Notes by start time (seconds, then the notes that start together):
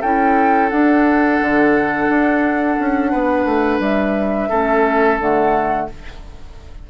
0.00 C#4 E4 A4 G5
0.69 D4 F#5
1.41 D3
2.09 D4
2.79 C#4
3.11 B3 B4
3.45 A3
3.79 G3 E5
4.49 A3 C#4 A4
5.19 D3 A3 F#5